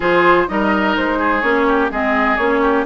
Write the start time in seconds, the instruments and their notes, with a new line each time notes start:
0.00 bassoon F3, clarinet F4, oboe G#4, flute C5
0.47 bassoon G3, clarinet D#4, oboe A#4, flute D#5
0.96 bassoon G#3, flute C5
1.18 oboe G#4
1.40 bassoon A#3, clarinet C#4, flute C#5
1.67 oboe G4
1.90 bassoon G#3, clarinet C4, oboe G#4, flute D#5
2.37 bassoon A#3, clarinet C#4, flute C#5
2.61 oboe G4